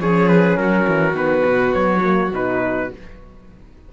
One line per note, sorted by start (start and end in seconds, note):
0.00 0.58 F3
0.00 1.14 C#4
0.00 0.59 G#4
0.00 0.28 C#5
0.28 0.57 B4
0.57 0.87 F#3
0.57 2.93 F#4
0.57 1.16 A#4
0.88 1.13 E3
1.13 1.42 D#3
1.13 2.01 B3
1.13 1.74 B4
1.45 1.74 B2
1.74 2.31 F#3
1.74 2.32 C#5
2.02 2.31 A#3
2.31 2.90 B2
2.31 2.92 D#4
2.31 2.93 B4